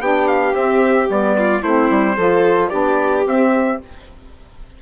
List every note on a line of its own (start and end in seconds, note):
0.00 0.54 B3
0.00 0.53 D4
0.00 1.36 G4
0.00 0.28 G5
0.28 0.55 F5
0.53 1.08 C4
0.53 1.09 E5
1.08 1.62 G3
1.08 1.62 B3
1.08 1.63 D5
1.38 1.62 F4
1.62 1.90 A3
1.62 2.18 C4
1.62 2.16 E4
1.62 2.69 C5
1.90 2.17 G3
2.16 2.72 F3
2.16 2.71 F4
2.16 2.69 A4
2.69 3.26 B3
2.69 3.25 D4
2.69 3.77 G4
2.69 3.23 D5
3.26 3.80 C4
3.26 3.81 C4
3.26 3.82 E5